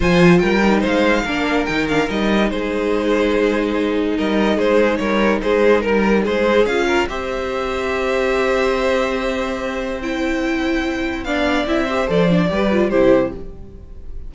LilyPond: <<
  \new Staff \with { instrumentName = "violin" } { \time 4/4 \tempo 4 = 144 gis''4 g''4 f''2 | g''8 f''8 dis''4 c''2~ | c''2 dis''4 c''4 | cis''4 c''4 ais'4 c''4 |
f''4 e''2.~ | e''1 | g''2. f''4 | e''4 d''2 c''4 | }
  \new Staff \with { instrumentName = "violin" } { \time 4/4 c''4 ais'4 c''4 ais'4~ | ais'2 gis'2~ | gis'2 ais'4 gis'4 | ais'4 gis'4 ais'4 gis'4~ |
gis'8 ais'8 c''2.~ | c''1~ | c''2. d''4~ | d''8 c''4. b'4 g'4 | }
  \new Staff \with { instrumentName = "viola" } { \time 4/4 f'4. dis'4. d'4 | dis'8 d'8 dis'2.~ | dis'1~ | dis'1 |
f'4 g'2.~ | g'1 | e'2. d'4 | e'8 g'8 a'8 d'8 g'8 f'8 e'4 | }
  \new Staff \with { instrumentName = "cello" } { \time 4/4 f4 g4 gis4 ais4 | dis4 g4 gis2~ | gis2 g4 gis4 | g4 gis4 g4 gis4 |
cis'4 c'2.~ | c'1~ | c'2. b4 | c'4 f4 g4 c4 | }
>>